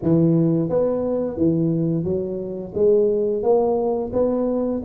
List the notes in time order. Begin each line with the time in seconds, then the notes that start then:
0.02 E3
0.69 B3
1.36 E3
2.03 F#3
2.74 G#3
3.42 A#3
4.13 B3